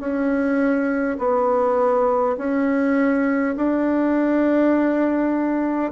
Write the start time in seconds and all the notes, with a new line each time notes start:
0.00 C#4
1.19 B3
2.38 C#4
3.57 D4